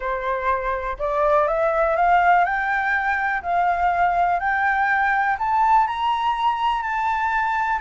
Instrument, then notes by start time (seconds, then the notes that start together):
flute
0.00 C5
0.98 D5
1.47 E5
1.95 F5
2.44 G5
3.42 F5
4.39 G5
5.39 A5
5.87 A#5
6.82 A5